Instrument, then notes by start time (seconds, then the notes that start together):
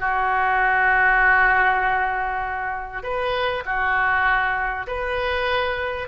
oboe
0.00 F#4
3.03 B4
3.66 F#4
4.87 B4